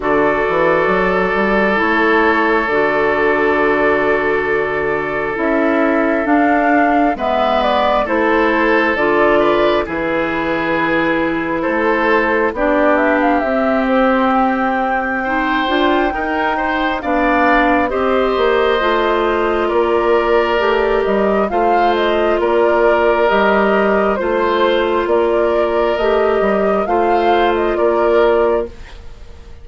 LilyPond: <<
  \new Staff \with { instrumentName = "flute" } { \time 4/4 \tempo 4 = 67 d''2 cis''4 d''4~ | d''2 e''4 f''4 | e''8 d''8 c''4 d''4 b'4~ | b'4 c''4 d''8 e''16 f''16 e''8 c''8 |
g''2. f''4 | dis''2 d''4. dis''8 | f''8 dis''8 d''4 dis''4 c''4 | d''4 dis''4 f''8. dis''16 d''4 | }
  \new Staff \with { instrumentName = "oboe" } { \time 4/4 a'1~ | a'1 | b'4 a'4. b'8 gis'4~ | gis'4 a'4 g'2~ |
g'4 c''4 ais'8 c''8 d''4 | c''2 ais'2 | c''4 ais'2 c''4 | ais'2 c''4 ais'4 | }
  \new Staff \with { instrumentName = "clarinet" } { \time 4/4 fis'2 e'4 fis'4~ | fis'2 e'4 d'4 | b4 e'4 f'4 e'4~ | e'2 d'4 c'4~ |
c'4 dis'8 f'8 dis'4 d'4 | g'4 f'2 g'4 | f'2 g'4 f'4~ | f'4 g'4 f'2 | }
  \new Staff \with { instrumentName = "bassoon" } { \time 4/4 d8 e8 fis8 g8 a4 d4~ | d2 cis'4 d'4 | gis4 a4 d4 e4~ | e4 a4 b4 c'4~ |
c'4. d'8 dis'4 b4 | c'8 ais8 a4 ais4 a8 g8 | a4 ais4 g4 a4 | ais4 a8 g8 a4 ais4 | }
>>